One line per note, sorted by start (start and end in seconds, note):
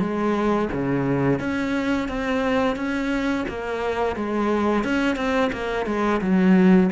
0.00 0.69 G#3
0.73 1.40 C#3
1.40 2.09 C#4
2.09 2.76 C4
2.76 3.45 C#4
3.49 4.16 A#3
4.16 4.84 G#3
4.84 5.17 C#4
5.17 5.51 C4
5.53 5.87 A#3
5.87 6.21 G#3
6.22 6.91 F#3